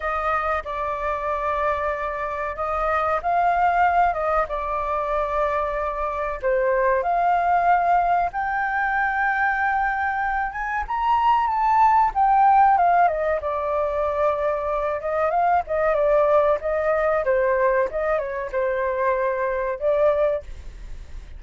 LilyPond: \new Staff \with { instrumentName = "flute" } { \time 4/4 \tempo 4 = 94 dis''4 d''2. | dis''4 f''4. dis''8 d''4~ | d''2 c''4 f''4~ | f''4 g''2.~ |
g''8 gis''8 ais''4 a''4 g''4 | f''8 dis''8 d''2~ d''8 dis''8 | f''8 dis''8 d''4 dis''4 c''4 | dis''8 cis''8 c''2 d''4 | }